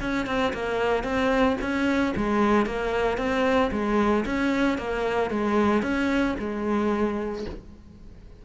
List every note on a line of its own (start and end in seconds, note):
0.00 0.26 C#4
0.26 0.52 C4
0.53 1.03 A#3
1.03 1.56 C4
1.61 2.14 C#4
2.16 2.66 G#3
2.66 3.17 A#3
3.17 3.70 C4
3.71 4.24 G#3
4.25 4.78 C#4
4.78 5.30 A#3
5.30 5.82 G#3
5.82 6.35 C#4
6.39 7.45 G#3